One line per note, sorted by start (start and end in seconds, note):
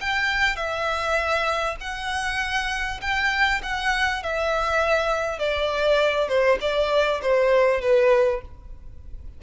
0.00 0.56 G5
0.56 1.75 E5
1.80 3.00 F#5
3.01 3.61 G5
3.62 4.22 F#5
4.22 5.38 E5
5.38 6.28 D5
6.28 6.58 C5
6.60 7.20 D5
7.22 7.81 C5
7.81 8.41 B4